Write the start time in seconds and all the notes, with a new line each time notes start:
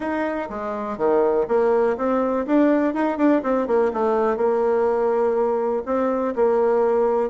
0.00 D#4
0.49 G#3
0.97 D#3
1.48 A#3
1.97 C4
2.46 D4
2.94 D#4
3.17 D4
3.42 C4
3.67 A#3
3.93 A3
4.37 A#3
5.85 C4
6.35 A#3